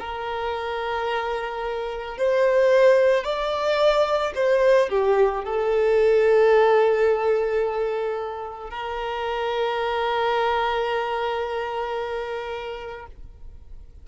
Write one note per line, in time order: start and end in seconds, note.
0.00 2.18 A#4
2.18 3.24 C5
3.24 4.33 D5
4.35 4.89 C5
4.89 5.44 G4
5.44 8.70 A4
8.70 13.07 A#4